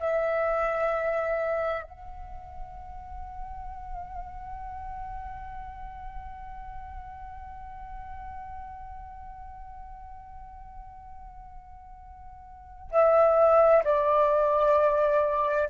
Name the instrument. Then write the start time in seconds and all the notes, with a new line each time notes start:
flute
0.00 E5
1.83 F#5
12.91 E5
13.84 D5